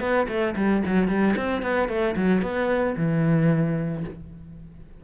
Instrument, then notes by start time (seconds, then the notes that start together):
cello
0.00 B3
0.28 A3
0.56 G3
0.86 F#3
1.08 G3
1.36 C4
1.62 B3
1.88 A3
2.16 F#3
2.42 B3
2.97 E3